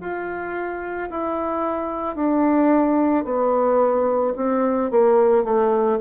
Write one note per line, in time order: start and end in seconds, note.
0.00 1.09 F4
1.10 2.15 E4
2.15 3.24 D4
3.24 4.33 B3
4.36 4.90 C4
4.91 5.44 A#3
5.44 5.99 A3